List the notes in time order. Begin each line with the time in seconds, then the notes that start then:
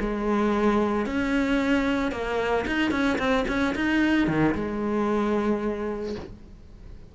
0.00 G#3
1.06 C#4
2.12 A#3
2.67 D#4
2.91 C#4
3.18 C4
3.48 C#4
3.75 D#4
4.28 D#3
4.55 G#3